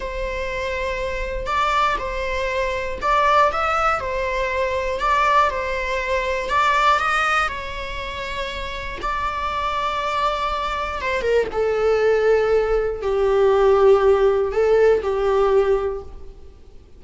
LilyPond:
\new Staff \with { instrumentName = "viola" } { \time 4/4 \tempo 4 = 120 c''2. d''4 | c''2 d''4 e''4 | c''2 d''4 c''4~ | c''4 d''4 dis''4 cis''4~ |
cis''2 d''2~ | d''2 c''8 ais'8 a'4~ | a'2 g'2~ | g'4 a'4 g'2 | }